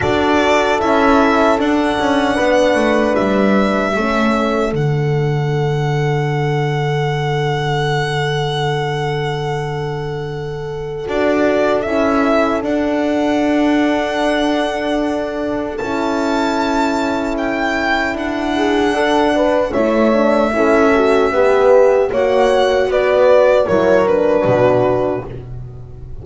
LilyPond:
<<
  \new Staff \with { instrumentName = "violin" } { \time 4/4 \tempo 4 = 76 d''4 e''4 fis''2 | e''2 fis''2~ | fis''1~ | fis''2 d''4 e''4 |
fis''1 | a''2 g''4 fis''4~ | fis''4 e''2. | fis''4 d''4 cis''8 b'4. | }
  \new Staff \with { instrumentName = "horn" } { \time 4/4 a'2. b'4~ | b'4 a'2.~ | a'1~ | a'1~ |
a'1~ | a'2.~ a'8 gis'8 | a'8 b'8 cis''4 a'4 b'4 | cis''4 b'4 ais'4 fis'4 | }
  \new Staff \with { instrumentName = "horn" } { \time 4/4 fis'4 e'4 d'2~ | d'4 cis'4 d'2~ | d'1~ | d'2 fis'4 e'4 |
d'1 | e'1 | d'4 e'8 d'8 e'8 fis'8 g'4 | fis'2 e'8 d'4. | }
  \new Staff \with { instrumentName = "double bass" } { \time 4/4 d'4 cis'4 d'8 cis'8 b8 a8 | g4 a4 d2~ | d1~ | d2 d'4 cis'4 |
d'1 | cis'2. d'4~ | d'4 a4 cis'4 b4 | ais4 b4 fis4 b,4 | }
>>